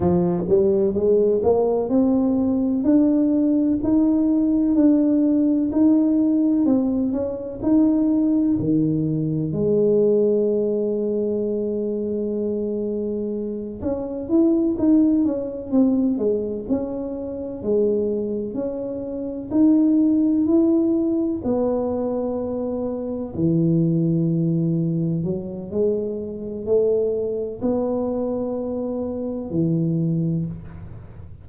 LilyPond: \new Staff \with { instrumentName = "tuba" } { \time 4/4 \tempo 4 = 63 f8 g8 gis8 ais8 c'4 d'4 | dis'4 d'4 dis'4 c'8 cis'8 | dis'4 dis4 gis2~ | gis2~ gis8 cis'8 e'8 dis'8 |
cis'8 c'8 gis8 cis'4 gis4 cis'8~ | cis'8 dis'4 e'4 b4.~ | b8 e2 fis8 gis4 | a4 b2 e4 | }